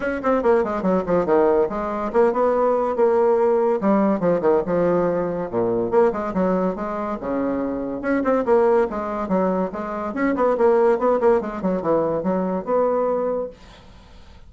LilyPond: \new Staff \with { instrumentName = "bassoon" } { \time 4/4 \tempo 4 = 142 cis'8 c'8 ais8 gis8 fis8 f8 dis4 | gis4 ais8 b4. ais4~ | ais4 g4 f8 dis8 f4~ | f4 ais,4 ais8 gis8 fis4 |
gis4 cis2 cis'8 c'8 | ais4 gis4 fis4 gis4 | cis'8 b8 ais4 b8 ais8 gis8 fis8 | e4 fis4 b2 | }